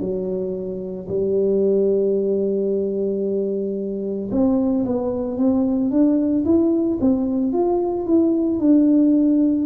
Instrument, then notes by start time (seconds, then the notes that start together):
tuba
0.00 F#3
1.09 G3
4.31 C4
4.85 B3
5.37 C4
5.91 D4
6.45 E4
7.01 C4
7.52 F4
8.06 E4
8.59 D4